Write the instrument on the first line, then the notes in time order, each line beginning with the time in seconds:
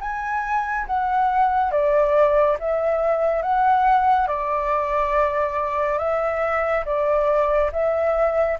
flute
0.00 G#5
0.86 F#5
1.71 D5
2.59 E5
3.42 F#5
4.27 D5
5.98 E5
6.85 D5
7.72 E5